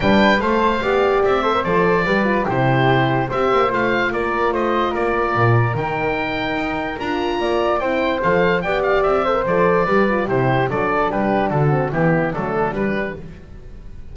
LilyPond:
<<
  \new Staff \with { instrumentName = "oboe" } { \time 4/4 \tempo 4 = 146 g''4 f''2 e''4 | d''2 c''2 | e''4 f''4 d''4 dis''4 | d''2 g''2~ |
g''4 ais''2 g''4 | f''4 g''8 f''8 e''4 d''4~ | d''4 c''4 d''4 b'4 | a'4 g'4 a'4 b'4 | }
  \new Staff \with { instrumentName = "flute" } { \time 4/4 b'4 c''4 d''4. c''8~ | c''4 b'4 g'2 | c''2 ais'4 c''4 | ais'1~ |
ais'2 d''4 c''4~ | c''4 d''4. c''4. | b'4 g'4 a'4 g'4 | fis'4 e'4 d'2 | }
  \new Staff \with { instrumentName = "horn" } { \time 4/4 d'4 a'4 g'4. a'16 ais'16 | a'4 g'8 f'8 e'2 | g'4 f'2.~ | f'2 dis'2~ |
dis'4 f'2 e'4 | a'4 g'4. a'16 ais'16 a'4 | g'8 f'8 e'4 d'2~ | d'8 c'8 b4 a4 g4 | }
  \new Staff \with { instrumentName = "double bass" } { \time 4/4 g4 a4 b4 c'4 | f4 g4 c2 | c'8 ais8 a4 ais4 a4 | ais4 ais,4 dis2 |
dis'4 d'4 ais4 c'4 | f4 b4 c'4 f4 | g4 c4 fis4 g4 | d4 e4 fis4 g4 | }
>>